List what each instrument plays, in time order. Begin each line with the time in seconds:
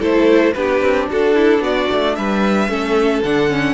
0.00 cello A3, viola E4, violin A4 C5
0.54 cello B3, viola D4, violin G4 B4
0.82 cello C4
1.10 cello D4, violin F#4 A4
1.36 violin E4
1.60 cello B3, violin F#4 D5
1.92 cello A3
2.16 cello G3, violin B4 E5
2.69 cello A3, viola C#4, violin A4
3.24 cello D3, viola D4, violin F#5
3.50 viola C#4